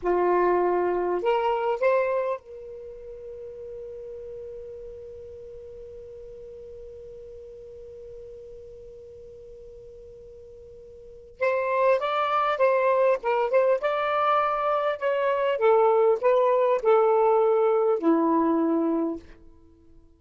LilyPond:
\new Staff \with { instrumentName = "saxophone" } { \time 4/4 \tempo 4 = 100 f'2 ais'4 c''4 | ais'1~ | ais'1~ | ais'1~ |
ais'2. c''4 | d''4 c''4 ais'8 c''8 d''4~ | d''4 cis''4 a'4 b'4 | a'2 e'2 | }